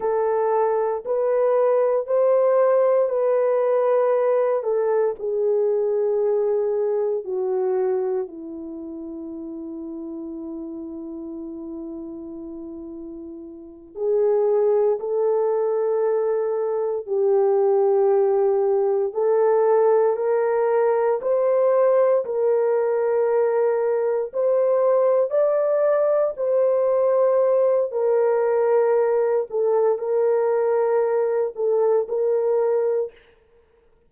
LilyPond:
\new Staff \with { instrumentName = "horn" } { \time 4/4 \tempo 4 = 58 a'4 b'4 c''4 b'4~ | b'8 a'8 gis'2 fis'4 | e'1~ | e'4. gis'4 a'4.~ |
a'8 g'2 a'4 ais'8~ | ais'8 c''4 ais'2 c''8~ | c''8 d''4 c''4. ais'4~ | ais'8 a'8 ais'4. a'8 ais'4 | }